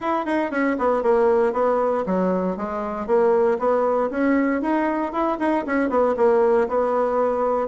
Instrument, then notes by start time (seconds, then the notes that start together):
bassoon
0.00 E4
0.25 D#4
0.50 C#4
0.78 B3
1.03 A#3
1.52 B3
2.05 F#3
2.56 G#3
3.06 A#3
3.58 B3
4.10 C#4
4.61 D#4
5.12 E4
5.39 D#4
5.66 C#4
5.89 B3
6.17 A#3
6.68 B3